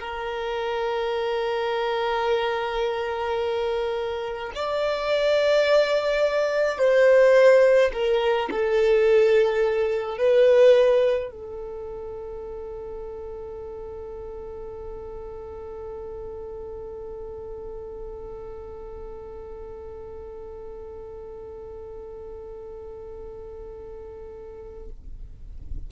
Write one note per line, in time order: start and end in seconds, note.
0.00 4.53 A#4
4.56 6.79 D5
6.79 7.92 C5
7.93 8.50 A#4
8.51 10.18 A4
10.18 11.32 B4
11.32 24.90 A4